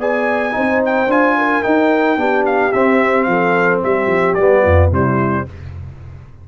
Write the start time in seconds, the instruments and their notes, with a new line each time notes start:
0.00 tuba B3, trombone G#4, horn D5, trumpet G#5
0.52 tuba C4, trombone D#4, horn C5
0.86 trumpet G5
1.07 tuba D4, trombone F4, trumpet G#5
1.38 horn A#4
1.63 trombone D#4, tuba D#4, trumpet G5
2.17 tuba B3, trombone D4, horn G4
2.46 trumpet F5
2.73 tuba C4, trombone C4, trumpet E5
3.24 tuba F3, trumpet F5
3.30 horn A4
3.84 tuba G3, horn G4, trumpet E5
4.07 tuba F3
4.35 tuba G3, trombone B3, trumpet D5
4.63 tuba F2, horn F4
4.91 tuba C3, trombone G3, horn E4, trumpet C5